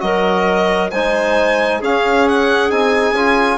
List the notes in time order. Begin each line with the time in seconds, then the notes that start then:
0.00 F#3 F#4 A#4 D#5
0.91 G#3 D#4 C5 G#5
1.80 C#4 G#4 F5
2.29 F#5
2.70 C4 D#4 G#5
3.12 C#4 F4